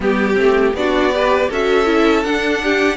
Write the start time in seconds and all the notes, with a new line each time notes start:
0.00 G3 B3 G4
0.34 A3 C4
0.73 B3 D4 F#4 D5
1.12 G4 B4
1.49 C#4 F#4 A4 E5
1.85 E4
2.23 D4 F#5
2.63 G4